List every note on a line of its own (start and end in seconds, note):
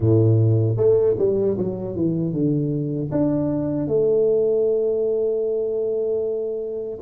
0.00 0.76 A2
0.76 1.15 A3
1.18 1.57 G3
1.57 1.95 F#3
1.95 2.33 E3
2.33 3.11 D3
3.11 3.87 D4
3.87 6.99 A3